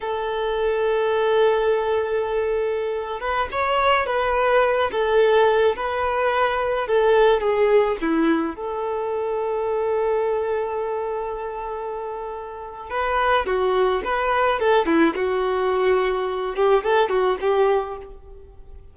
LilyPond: \new Staff \with { instrumentName = "violin" } { \time 4/4 \tempo 4 = 107 a'1~ | a'4.~ a'16 b'8 cis''4 b'8.~ | b'8. a'4. b'4.~ b'16~ | b'16 a'4 gis'4 e'4 a'8.~ |
a'1~ | a'2. b'4 | fis'4 b'4 a'8 e'8 fis'4~ | fis'4. g'8 a'8 fis'8 g'4 | }